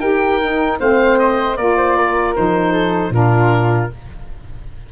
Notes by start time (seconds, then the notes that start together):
0.00 D#4 G4 A#4 G5
0.41 D#4
0.79 A3 C4 C5 F5
1.19 D#5
1.56 A#3 F4 A#4 D5
1.77 C5
1.96 A#4
2.35 F3 D#4 C5
2.72 A4
3.10 A#2 D4 F4 A#4